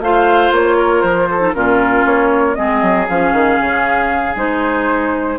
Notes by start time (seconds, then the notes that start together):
0.00 A3 F4 C5 F5
0.52 A#3 C#5
0.78 A#4
1.01 F3 C5
1.30 A4
1.39 D#4
1.54 A#2 C#4 F4 A#4
2.05 A#3 C#5
2.55 G#3 C4 G#4 D#5
2.82 F#3
3.09 F3 C#4 F5
3.33 D#3
3.61 C#3
4.36 G#3 D#4 C5